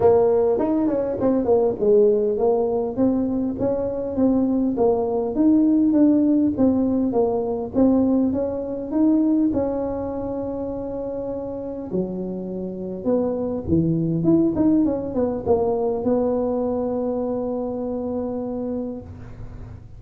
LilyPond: \new Staff \with { instrumentName = "tuba" } { \time 4/4 \tempo 4 = 101 ais4 dis'8 cis'8 c'8 ais8 gis4 | ais4 c'4 cis'4 c'4 | ais4 dis'4 d'4 c'4 | ais4 c'4 cis'4 dis'4 |
cis'1 | fis2 b4 e4 | e'8 dis'8 cis'8 b8 ais4 b4~ | b1 | }